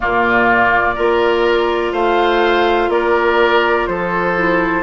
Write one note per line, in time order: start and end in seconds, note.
0.00 0.97 A#2
0.00 0.96 A#3
0.00 0.95 F4
0.00 1.94 D5
0.95 1.92 A#3
0.95 4.35 F4
0.95 1.92 A#4
1.92 2.89 A3
1.92 2.89 C5
1.92 2.90 F5
2.89 3.85 A#3
2.89 3.89 A#4
2.89 3.86 D5
3.86 4.83 F3
3.86 4.83 A4
3.86 4.83 C5
4.35 4.83 E4